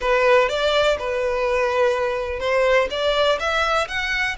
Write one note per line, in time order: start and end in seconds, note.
0.00 0.48 B4
0.48 0.97 D5
0.99 2.39 B4
2.39 2.87 C5
2.90 3.38 D5
3.39 3.87 E5
3.88 4.36 F#5